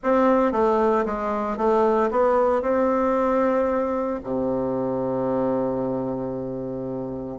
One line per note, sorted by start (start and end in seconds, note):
0.03 0.52 C4
0.52 1.04 A3
1.05 1.57 G#3
1.57 2.09 A3
2.10 2.61 B3
2.61 4.19 C4
4.23 7.38 C3